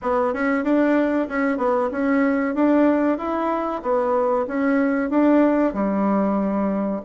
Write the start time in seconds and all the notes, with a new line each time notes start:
0.02 B3
0.33 C#4
0.64 D4
1.28 C#4
1.57 B3
1.91 C#4
2.54 D4
3.18 E4
3.82 B3
4.47 C#4
5.10 D4
5.73 G3